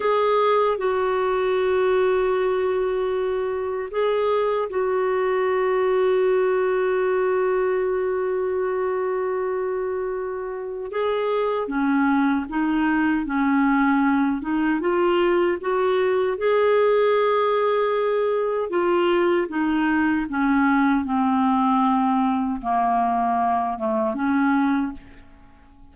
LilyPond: \new Staff \with { instrumentName = "clarinet" } { \time 4/4 \tempo 4 = 77 gis'4 fis'2.~ | fis'4 gis'4 fis'2~ | fis'1~ | fis'2 gis'4 cis'4 |
dis'4 cis'4. dis'8 f'4 | fis'4 gis'2. | f'4 dis'4 cis'4 c'4~ | c'4 ais4. a8 cis'4 | }